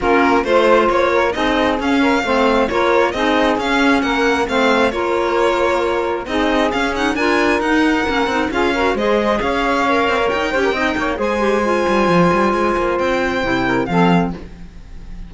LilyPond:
<<
  \new Staff \with { instrumentName = "violin" } { \time 4/4 \tempo 4 = 134 ais'4 c''4 cis''4 dis''4 | f''2 cis''4 dis''4 | f''4 fis''4 f''4 cis''4~ | cis''2 dis''4 f''8 fis''8 |
gis''4 fis''2 f''4 | dis''4 f''2 g''4~ | g''4 gis''2.~ | gis''4 g''2 f''4 | }
  \new Staff \with { instrumentName = "saxophone" } { \time 4/4 f'4 c''4. ais'8 gis'4~ | gis'8 ais'8 c''4 ais'4 gis'4~ | gis'4 ais'4 c''4 ais'4~ | ais'2 gis'2 |
ais'2. gis'8 ais'8 | c''4 cis''2~ cis''8 c''16 ais'16 | dis''8 cis''8 c''2.~ | c''2~ c''8 ais'8 a'4 | }
  \new Staff \with { instrumentName = "clarinet" } { \time 4/4 cis'4 f'2 dis'4 | cis'4 c'4 f'4 dis'4 | cis'2 c'4 f'4~ | f'2 dis'4 cis'8 dis'8 |
f'4 dis'4 cis'8 dis'8 f'8 fis'8 | gis'2 ais'4. g'8 | dis'4 gis'8 g'8 f'2~ | f'2 e'4 c'4 | }
  \new Staff \with { instrumentName = "cello" } { \time 4/4 ais4 a4 ais4 c'4 | cis'4 a4 ais4 c'4 | cis'4 ais4 a4 ais4~ | ais2 c'4 cis'4 |
d'4 dis'4 ais8 c'8 cis'4 | gis4 cis'4. c'16 ais16 dis'8 cis'8 | c'8 ais8 gis4. g8 f8 g8 | gis8 ais8 c'4 c4 f4 | }
>>